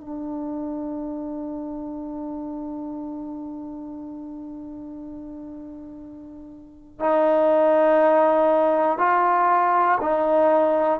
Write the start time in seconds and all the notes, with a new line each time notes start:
0.00 D4
7.00 D#4
8.98 F4
10.00 D#4